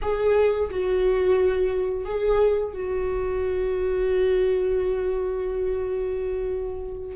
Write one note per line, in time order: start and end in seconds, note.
0.02 0.70 G#4
0.70 2.05 F#4
2.05 2.73 G#4
2.73 7.16 F#4